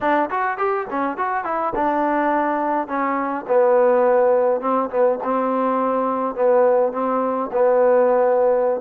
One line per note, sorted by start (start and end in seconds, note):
0.00 0.29 D4
0.30 0.57 F#4
0.57 0.86 G4
0.89 1.17 C#4
1.17 1.44 F#4
1.44 1.73 E4
1.75 2.87 D4
2.87 3.45 C#4
3.47 4.60 B3
4.60 4.89 C4
4.90 5.18 B3
5.23 6.35 C4
6.35 6.92 B3
6.92 7.50 C4
7.52 8.80 B3